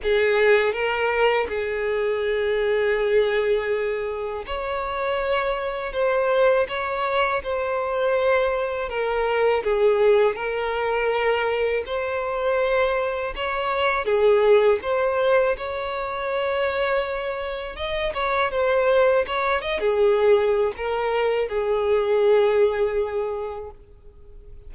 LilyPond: \new Staff \with { instrumentName = "violin" } { \time 4/4 \tempo 4 = 81 gis'4 ais'4 gis'2~ | gis'2 cis''2 | c''4 cis''4 c''2 | ais'4 gis'4 ais'2 |
c''2 cis''4 gis'4 | c''4 cis''2. | dis''8 cis''8 c''4 cis''8 dis''16 gis'4~ gis'16 | ais'4 gis'2. | }